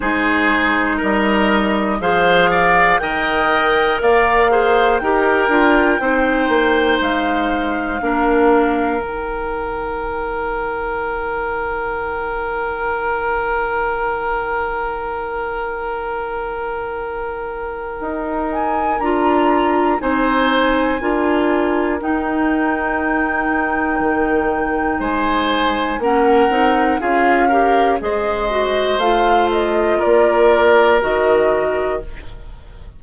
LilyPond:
<<
  \new Staff \with { instrumentName = "flute" } { \time 4/4 \tempo 4 = 60 c''4 dis''4 f''4 g''4 | f''4 g''2 f''4~ | f''4 g''2.~ | g''1~ |
g''2~ g''8 gis''8 ais''4 | gis''2 g''2~ | g''4 gis''4 fis''4 f''4 | dis''4 f''8 dis''8 d''4 dis''4 | }
  \new Staff \with { instrumentName = "oboe" } { \time 4/4 gis'4 ais'4 c''8 d''8 dis''4 | d''8 c''8 ais'4 c''2 | ais'1~ | ais'1~ |
ais'1 | c''4 ais'2.~ | ais'4 c''4 ais'4 gis'8 ais'8 | c''2 ais'2 | }
  \new Staff \with { instrumentName = "clarinet" } { \time 4/4 dis'2 gis'4 ais'4~ | ais'8 gis'8 g'8 f'8 dis'2 | d'4 dis'2.~ | dis'1~ |
dis'2. f'4 | dis'4 f'4 dis'2~ | dis'2 cis'8 dis'8 f'8 g'8 | gis'8 fis'8 f'2 fis'4 | }
  \new Staff \with { instrumentName = "bassoon" } { \time 4/4 gis4 g4 f4 dis4 | ais4 dis'8 d'8 c'8 ais8 gis4 | ais4 dis2.~ | dis1~ |
dis2 dis'4 d'4 | c'4 d'4 dis'2 | dis4 gis4 ais8 c'8 cis'4 | gis4 a4 ais4 dis4 | }
>>